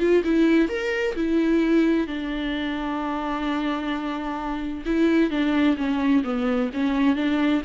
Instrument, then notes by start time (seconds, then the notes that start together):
viola
0.00 F4
0.24 E4
0.69 A#4
1.16 E4
2.08 D4
4.86 E4
5.31 D4
5.78 C#4
6.24 B3
6.74 C#4
7.16 D4